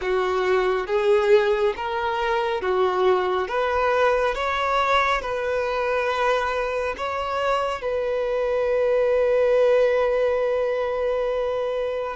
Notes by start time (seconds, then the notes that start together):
0.01 F#4
0.87 G#4
1.76 A#4
2.61 F#4
3.48 B4
4.34 C#5
5.21 B4
6.97 C#5
7.81 B4